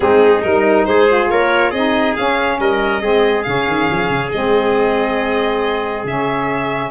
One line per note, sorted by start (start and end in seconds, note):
0.00 0.43 G#3
0.00 0.42 C4
0.00 0.88 D#4
0.00 0.42 G#4
0.42 0.87 G3
0.42 1.08 D#4
0.42 0.84 A#4
0.84 1.29 G#3
0.84 1.31 G#4
0.84 1.28 C5
1.08 1.72 F4
1.29 1.72 A#3
1.29 1.70 A#4
1.29 1.71 C#5
1.70 2.15 C4
1.70 2.16 D#4
1.70 2.56 G#4
1.70 2.14 D#5
2.16 3.01 C#4
2.16 2.59 C#4
2.16 2.59 F5
2.59 3.01 G3
2.59 3.01 A#4
2.59 3.43 D#5
3.01 3.45 G#3
3.01 3.44 C4
3.01 6.90 G#4
3.43 3.67 C#3
3.43 4.30 C#4
3.43 4.29 F5
3.67 3.89 D#3
3.91 4.09 F3
4.09 4.30 C#3
4.31 6.04 G#3
4.31 6.06 C4
4.31 6.04 D#5
6.04 6.90 C#3
6.04 6.90 C#4
6.04 6.90 E5